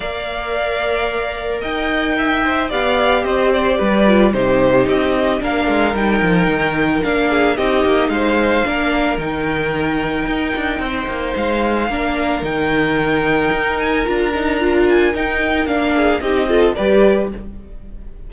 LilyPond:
<<
  \new Staff \with { instrumentName = "violin" } { \time 4/4 \tempo 4 = 111 f''2. g''4~ | g''4 f''4 dis''8 d''4. | c''4 dis''4 f''4 g''4~ | g''4 f''4 dis''4 f''4~ |
f''4 g''2.~ | g''4 f''2 g''4~ | g''4. gis''8 ais''4. gis''8 | g''4 f''4 dis''4 d''4 | }
  \new Staff \with { instrumentName = "violin" } { \time 4/4 d''2. dis''4 | e''4 d''4 c''4 b'4 | g'2 ais'2~ | ais'4. gis'8 g'4 c''4 |
ais'1 | c''2 ais'2~ | ais'1~ | ais'4. gis'8 g'8 a'8 b'4 | }
  \new Staff \with { instrumentName = "viola" } { \time 4/4 ais'1~ | ais'8 c''8 g'2~ g'8 f'8 | dis'2 d'4 dis'4~ | dis'4 d'4 dis'2 |
d'4 dis'2.~ | dis'2 d'4 dis'4~ | dis'2 f'8 dis'8 f'4 | dis'4 d'4 dis'8 f'8 g'4 | }
  \new Staff \with { instrumentName = "cello" } { \time 4/4 ais2. dis'4~ | dis'4 b4 c'4 g4 | c4 c'4 ais8 gis8 g8 f8 | dis4 ais4 c'8 ais8 gis4 |
ais4 dis2 dis'8 d'8 | c'8 ais8 gis4 ais4 dis4~ | dis4 dis'4 d'2 | dis'4 ais4 c'4 g4 | }
>>